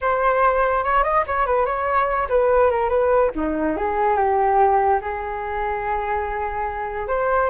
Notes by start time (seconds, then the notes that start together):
0.01 C5
0.84 C#5
1.03 D#5
1.26 C#5
1.46 B4
1.65 C#5
2.29 B4
2.70 A#4
2.89 B4
3.35 D#4
3.76 G#4
4.16 G4
5.01 G#4
7.07 C5